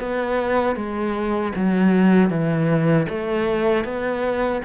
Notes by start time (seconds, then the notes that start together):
0.00 B3
0.76 G#3
1.56 F#3
2.30 E3
3.09 A3
3.85 B3